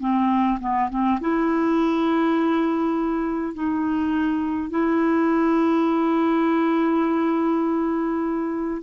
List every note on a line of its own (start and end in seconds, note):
0.00 0.59 C4
0.60 0.89 B3
0.90 1.19 C4
1.20 3.54 E4
3.54 4.70 D#4
4.70 8.82 E4